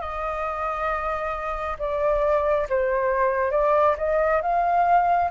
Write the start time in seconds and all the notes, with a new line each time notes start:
0.00 D#5
1.78 D5
2.69 C5
3.51 D5
3.97 D#5
4.42 F5